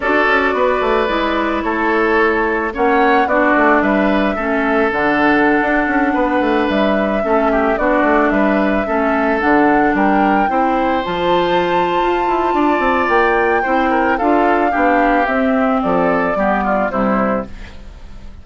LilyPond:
<<
  \new Staff \with { instrumentName = "flute" } { \time 4/4 \tempo 4 = 110 d''2. cis''4~ | cis''4 fis''4 d''4 e''4~ | e''4 fis''2.~ | fis''16 e''2 d''4 e''8.~ |
e''4~ e''16 fis''4 g''4.~ g''16~ | g''16 a''2.~ a''8. | g''2 f''2 | e''4 d''2 c''4 | }
  \new Staff \with { instrumentName = "oboe" } { \time 4/4 a'4 b'2 a'4~ | a'4 cis''4 fis'4 b'4 | a'2.~ a'16 b'8.~ | b'4~ b'16 a'8 g'8 fis'4 b'8.~ |
b'16 a'2 ais'4 c''8.~ | c''2. d''4~ | d''4 c''8 ais'8 a'4 g'4~ | g'4 a'4 g'8 f'8 e'4 | }
  \new Staff \with { instrumentName = "clarinet" } { \time 4/4 fis'2 e'2~ | e'4 cis'4 d'2 | cis'4 d'2.~ | d'4~ d'16 cis'4 d'4.~ d'16~ |
d'16 cis'4 d'2 e'8.~ | e'16 f'2.~ f'8.~ | f'4 e'4 f'4 d'4 | c'2 b4 g4 | }
  \new Staff \with { instrumentName = "bassoon" } { \time 4/4 d'8 cis'8 b8 a8 gis4 a4~ | a4 ais4 b8 a8 g4 | a4 d4~ d16 d'8 cis'8 b8 a16~ | a16 g4 a4 b8 a8 g8.~ |
g16 a4 d4 g4 c'8.~ | c'16 f4.~ f16 f'8 e'8 d'8 c'8 | ais4 c'4 d'4 b4 | c'4 f4 g4 c4 | }
>>